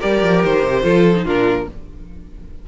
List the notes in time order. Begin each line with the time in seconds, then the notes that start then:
0.00 G3 G4 A#4 D5
0.23 F3
0.44 D#3 C5
0.63 C3
0.83 F3 F4 A4
1.16 D#4
1.25 A#2 D4 F4 A#4